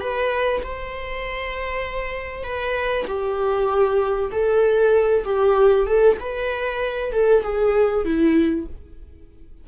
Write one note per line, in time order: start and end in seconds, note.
0.00 0.62 B4
0.63 2.43 C5
2.43 3.05 B4
3.07 4.30 G4
4.31 5.24 A4
5.24 5.86 G4
5.86 6.17 A4
6.20 7.12 B4
7.12 7.43 A4
7.43 8.04 G#4
8.04 8.66 E4